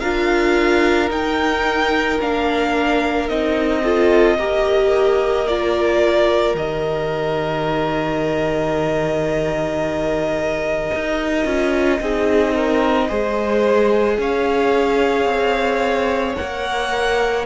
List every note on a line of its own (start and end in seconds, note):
0.00 1.10 D4
0.00 1.09 F4
0.00 3.82 A#4
0.00 1.09 F5
1.09 2.18 D#4
1.09 2.20 D#4
1.09 2.21 G5
2.21 3.30 A#3
2.21 3.29 D4
2.21 3.29 F5
3.29 4.39 C4
3.29 3.83 D#4
3.29 5.47 D#5
3.83 4.38 F4
3.83 4.37 A4
4.38 6.54 A#3
4.38 5.47 G4
4.38 12.02 A#4
5.47 6.57 F4
5.47 6.56 D5
6.54 10.91 D#3
6.54 11.44 G4
6.54 14.20 D#5
10.95 11.45 D#4
11.44 12.00 C#4
11.44 11.99 F4
12.01 13.10 C4
12.01 13.08 D#4
12.01 12.55 G#4
12.55 13.09 A#4
13.08 14.18 G#3
13.08 16.36 G#4
13.08 14.18 C5
14.18 15.25 C#4
14.18 17.46 C#5
14.18 16.36 F5
15.25 16.34 C4
16.36 17.46 A#3
16.36 17.45 A#4
16.36 17.45 F#5